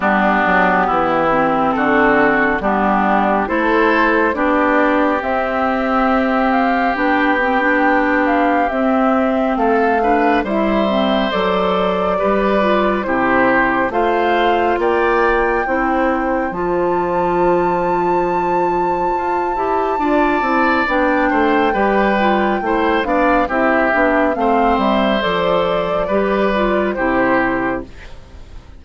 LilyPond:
<<
  \new Staff \with { instrumentName = "flute" } { \time 4/4 \tempo 4 = 69 g'2 a'4 g'4 | c''4 d''4 e''4. f''8 | g''4. f''8 e''4 f''4 | e''4 d''2 c''4 |
f''4 g''2 a''4~ | a''1 | g''2~ g''8 f''8 e''4 | f''8 e''8 d''2 c''4 | }
  \new Staff \with { instrumentName = "oboe" } { \time 4/4 d'4 e'4 fis'4 d'4 | a'4 g'2.~ | g'2. a'8 b'8 | c''2 b'4 g'4 |
c''4 d''4 c''2~ | c''2. d''4~ | d''8 c''8 b'4 c''8 d''8 g'4 | c''2 b'4 g'4 | }
  \new Staff \with { instrumentName = "clarinet" } { \time 4/4 b4. c'4. b4 | e'4 d'4 c'2 | d'8 c'16 d'4~ d'16 c'4. d'8 | e'8 c'8 a'4 g'8 f'8 e'4 |
f'2 e'4 f'4~ | f'2~ f'8 g'8 f'8 e'8 | d'4 g'8 f'8 e'8 d'8 e'8 d'8 | c'4 a'4 g'8 f'8 e'4 | }
  \new Staff \with { instrumentName = "bassoon" } { \time 4/4 g8 fis8 e4 d4 g4 | a4 b4 c'2 | b2 c'4 a4 | g4 fis4 g4 c4 |
a4 ais4 c'4 f4~ | f2 f'8 e'8 d'8 c'8 | b8 a8 g4 a8 b8 c'8 b8 | a8 g8 f4 g4 c4 | }
>>